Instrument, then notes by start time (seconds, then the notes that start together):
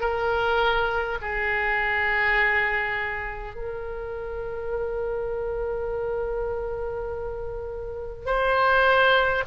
oboe
0.00 A#4
1.21 G#4
3.55 A#4
8.25 C5